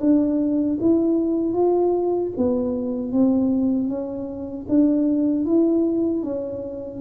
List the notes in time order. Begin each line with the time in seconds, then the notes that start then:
0.00 D4
0.80 E4
1.53 F4
2.37 B3
3.12 C4
3.88 C#4
4.68 D4
5.45 E4
6.23 C#4